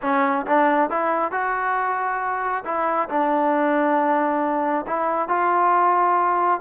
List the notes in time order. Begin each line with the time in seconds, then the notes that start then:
0.01 C#4
0.46 D4
0.89 E4
1.31 F#4
2.65 E4
3.09 D4
4.86 E4
5.28 F4